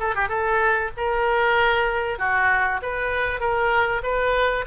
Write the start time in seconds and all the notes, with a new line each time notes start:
0.00 A4
0.15 G4
0.29 A4
0.97 A#4
2.19 F#4
2.82 B4
3.40 A#4
4.03 B4